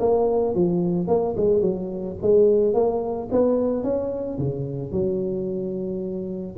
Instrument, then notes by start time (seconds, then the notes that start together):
tuba
0.00 A#3
0.55 F3
1.07 A#3
1.36 G#3
1.61 F#3
2.22 G#3
2.74 A#3
3.31 B3
3.83 C#4
4.38 C#3
4.92 F#3